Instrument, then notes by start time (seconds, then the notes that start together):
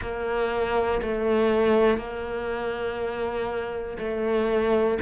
cello
0.01 A#3
1.01 A3
1.97 A#3
3.98 A3